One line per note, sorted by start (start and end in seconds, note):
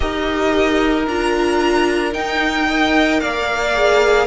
0.00 1.06 D#4
0.00 1.06 G4
0.00 2.67 A#4
0.00 1.05 D#5
1.06 2.14 D4
1.06 2.12 F4
1.06 2.13 A#5
2.12 2.66 D#4
2.12 3.21 D#4
2.12 3.20 G5
2.67 3.74 A#4
2.67 3.21 D#5
3.20 4.27 A#3
3.20 4.27 D5
3.20 4.27 F5
3.74 4.27 G#4